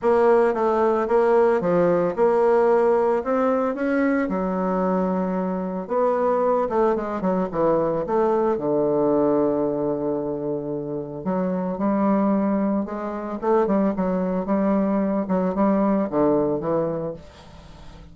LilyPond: \new Staff \with { instrumentName = "bassoon" } { \time 4/4 \tempo 4 = 112 ais4 a4 ais4 f4 | ais2 c'4 cis'4 | fis2. b4~ | b8 a8 gis8 fis8 e4 a4 |
d1~ | d4 fis4 g2 | gis4 a8 g8 fis4 g4~ | g8 fis8 g4 d4 e4 | }